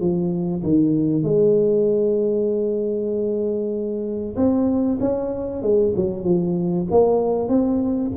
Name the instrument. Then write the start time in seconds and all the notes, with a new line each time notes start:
tuba
0.00 F3
0.63 D#3
1.23 G#3
4.36 C4
5.00 C#4
5.62 G#3
5.96 F#3
6.24 F3
6.90 A#3
7.49 C4